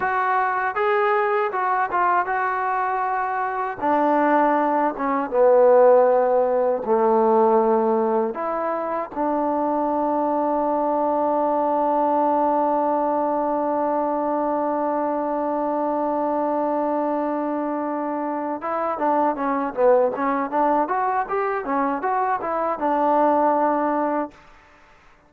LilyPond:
\new Staff \with { instrumentName = "trombone" } { \time 4/4 \tempo 4 = 79 fis'4 gis'4 fis'8 f'8 fis'4~ | fis'4 d'4. cis'8 b4~ | b4 a2 e'4 | d'1~ |
d'1~ | d'1~ | d'8 e'8 d'8 cis'8 b8 cis'8 d'8 fis'8 | g'8 cis'8 fis'8 e'8 d'2 | }